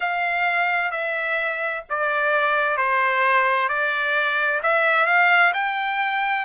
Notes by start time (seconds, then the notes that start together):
0.00 F5
0.91 E5
1.89 D5
2.77 C5
3.68 D5
4.62 E5
5.06 F5
5.53 G5